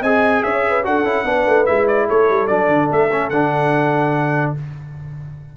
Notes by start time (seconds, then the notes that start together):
0.00 C4 G#4 D#5 G#5
0.43 C#4 C#5 E5
0.68 B4
0.83 D4 F#4 A4 F#5
1.03 C#4 E4
1.24 B3 D4 B4
1.47 A3
1.65 G#3 E4 E5
1.87 D5
2.08 A3 A4 C#5
2.29 G3
2.47 F#3 D4 D5
2.68 D3
2.91 A3 E5
3.11 C#4
3.29 D3 D4 F#5